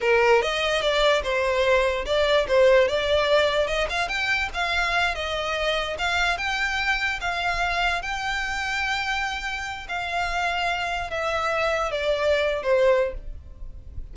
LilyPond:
\new Staff \with { instrumentName = "violin" } { \time 4/4 \tempo 4 = 146 ais'4 dis''4 d''4 c''4~ | c''4 d''4 c''4 d''4~ | d''4 dis''8 f''8 g''4 f''4~ | f''8 dis''2 f''4 g''8~ |
g''4. f''2 g''8~ | g''1 | f''2. e''4~ | e''4 d''4.~ d''16 c''4~ c''16 | }